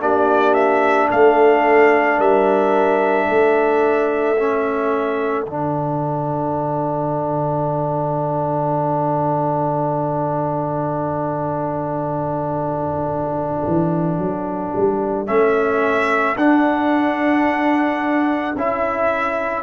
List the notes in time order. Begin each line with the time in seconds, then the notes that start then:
0.00 A#3 D4 G4 D5
0.54 E5
1.10 A3 A4 F5
2.18 G3 A#4 E5
3.28 A3 A4
4.37 C#4
5.46 D3 D4 F#5
13.67 E3
14.18 F#3
14.75 G3
15.27 A3 C#4 E5
16.36 D4 F#5
18.56 C#4 E4 E5